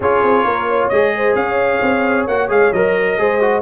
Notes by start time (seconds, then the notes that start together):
0.00 C#4 F4 G#4 C#5
0.22 C4
0.44 A#3 A#4
0.68 C#5
0.88 G#3 G#4 D#5
1.16 C5
1.35 C#4 C#5 F5
1.81 C4
2.27 A#3 F#4 F#5
2.48 G#3 G#4 F5
2.72 F#3 A#4 D#5
3.18 G#3 G#4 C5
3.41 F#4